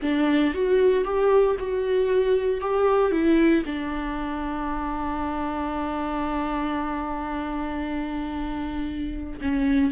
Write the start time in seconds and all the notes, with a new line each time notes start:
0.02 D4
0.54 F#4
1.04 G4
1.59 F#4
2.60 G4
3.11 E4
3.65 D4
9.41 C#4